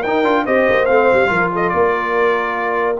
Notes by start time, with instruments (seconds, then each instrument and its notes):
0.00 tuba D#4, trombone D#4, horn A#4, trumpet G5
0.23 tuba D4, trombone F4
0.45 tuba C4, trombone G4, horn C5, trumpet D#5
0.69 tuba A#3
0.85 tuba A3, trombone C4, trumpet F5
1.12 tuba G3
1.26 tuba F3, trombone F4, horn A#4
1.52 horn A4, trumpet D#5
1.69 tuba A#3, trumpet D5
1.75 horn A#4